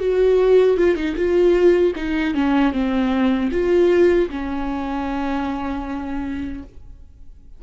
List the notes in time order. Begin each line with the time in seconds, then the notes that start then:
0.00 F#4
0.78 F4
0.96 D#4
1.16 F4
1.96 D#4
2.35 C#4
2.73 C4
3.52 F4
4.30 C#4